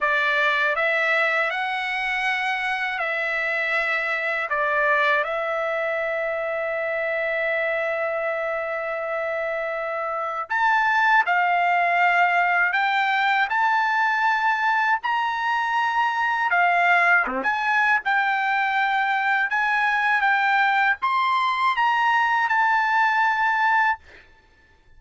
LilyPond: \new Staff \with { instrumentName = "trumpet" } { \time 4/4 \tempo 4 = 80 d''4 e''4 fis''2 | e''2 d''4 e''4~ | e''1~ | e''2 a''4 f''4~ |
f''4 g''4 a''2 | ais''2 f''4 c'16 gis''8. | g''2 gis''4 g''4 | c'''4 ais''4 a''2 | }